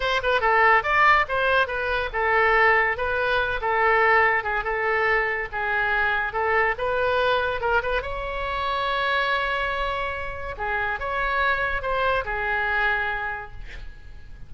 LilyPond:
\new Staff \with { instrumentName = "oboe" } { \time 4/4 \tempo 4 = 142 c''8 b'8 a'4 d''4 c''4 | b'4 a'2 b'4~ | b'8 a'2 gis'8 a'4~ | a'4 gis'2 a'4 |
b'2 ais'8 b'8 cis''4~ | cis''1~ | cis''4 gis'4 cis''2 | c''4 gis'2. | }